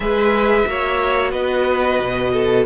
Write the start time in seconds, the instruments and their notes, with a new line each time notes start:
0.00 cello G#3, viola G#4, violin B4 E5
0.66 cello A#3, viola F#4, violin C#5
1.31 cello B3, violin B4 D#5
1.99 cello B2
2.33 violin A4